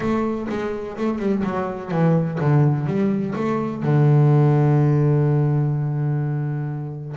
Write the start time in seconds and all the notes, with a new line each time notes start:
0.00 A3
0.49 G#3
0.97 A3
1.18 G3
1.43 F#3
1.91 E3
2.40 D3
2.86 G3
3.35 A3
3.82 D3